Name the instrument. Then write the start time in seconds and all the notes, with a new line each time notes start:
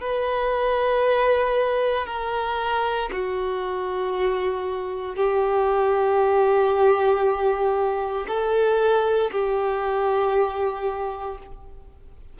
violin
0.00 B4
2.06 A#4
3.12 F#4
5.16 G4
8.27 A4
9.31 G4